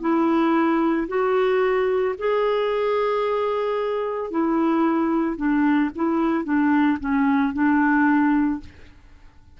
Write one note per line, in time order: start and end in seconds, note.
0.00 1.07 E4
1.08 2.15 F#4
2.18 4.31 G#4
4.31 5.36 E4
5.36 5.90 D4
5.95 6.44 E4
6.44 6.98 D4
7.00 7.53 C#4
7.53 8.60 D4